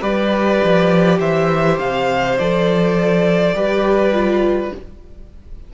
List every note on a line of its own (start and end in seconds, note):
0.00 0.61 G3
0.00 2.35 G4
0.00 1.18 B4
0.00 1.20 D5
0.63 1.20 F3
1.19 1.78 E3
1.19 3.54 C5
1.19 1.79 E5
1.79 2.37 C3
1.79 2.37 F5
2.37 3.53 F3
2.37 3.55 A4
2.37 4.73 D5
3.53 4.71 G3
3.53 4.12 G4
3.53 4.74 B4
4.12 4.71 F4